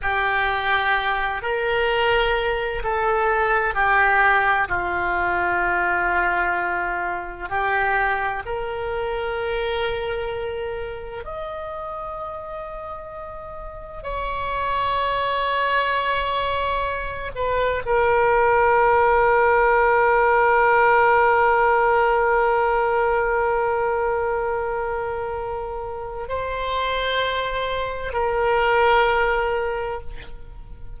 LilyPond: \new Staff \with { instrumentName = "oboe" } { \time 4/4 \tempo 4 = 64 g'4. ais'4. a'4 | g'4 f'2. | g'4 ais'2. | dis''2. cis''4~ |
cis''2~ cis''8 b'8 ais'4~ | ais'1~ | ais'1 | c''2 ais'2 | }